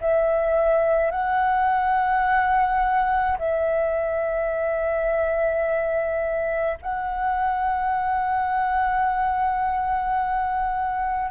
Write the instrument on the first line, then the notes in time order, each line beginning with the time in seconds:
flute
0.00 E5
1.11 F#5
3.38 E5
6.81 F#5